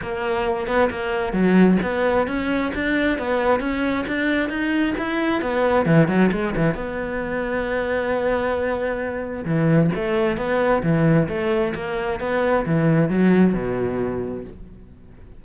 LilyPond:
\new Staff \with { instrumentName = "cello" } { \time 4/4 \tempo 4 = 133 ais4. b8 ais4 fis4 | b4 cis'4 d'4 b4 | cis'4 d'4 dis'4 e'4 | b4 e8 fis8 gis8 e8 b4~ |
b1~ | b4 e4 a4 b4 | e4 a4 ais4 b4 | e4 fis4 b,2 | }